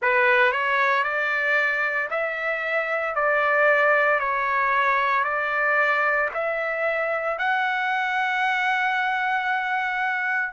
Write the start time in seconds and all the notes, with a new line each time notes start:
0.01 B4
0.52 C#5
1.03 D5
2.10 E5
3.15 D5
4.19 C#5
5.23 D5
6.33 E5
7.38 F#5